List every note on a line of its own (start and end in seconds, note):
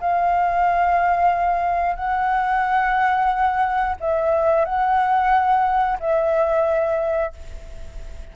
0.00 1.95 F5
1.95 3.95 F#5
4.00 4.65 E5
4.65 5.98 F#5
5.99 7.33 E5